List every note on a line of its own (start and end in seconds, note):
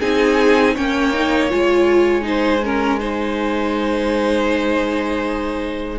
0.00 0.76 C4
0.00 0.76 D#4
0.00 0.74 G#4
0.00 0.76 G#5
0.74 1.52 A#3
0.74 1.13 C#4
0.74 2.24 C#5
0.74 1.50 G5
1.13 1.50 D#4
1.50 5.99 G#3
1.50 2.22 F4
1.50 5.99 G#5
2.22 2.59 D#4
2.22 2.64 C5
2.64 3.00 C#4
2.64 2.99 A#4
2.99 5.99 D#4
2.99 5.99 C5